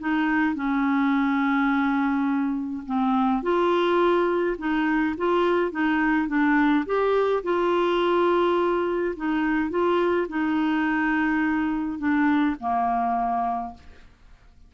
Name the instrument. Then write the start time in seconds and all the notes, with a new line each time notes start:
clarinet
0.00 D#4
0.55 C#4
2.87 C4
3.43 F4
4.59 D#4
5.18 F4
5.72 D#4
6.28 D4
6.86 G4
7.44 F4
9.17 D#4
9.71 F4
10.29 D#4
11.99 D4
12.61 A#3